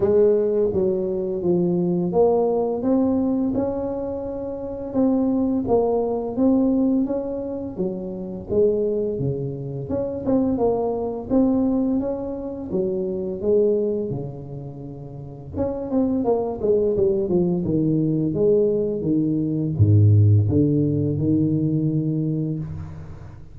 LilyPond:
\new Staff \with { instrumentName = "tuba" } { \time 4/4 \tempo 4 = 85 gis4 fis4 f4 ais4 | c'4 cis'2 c'4 | ais4 c'4 cis'4 fis4 | gis4 cis4 cis'8 c'8 ais4 |
c'4 cis'4 fis4 gis4 | cis2 cis'8 c'8 ais8 gis8 | g8 f8 dis4 gis4 dis4 | gis,4 d4 dis2 | }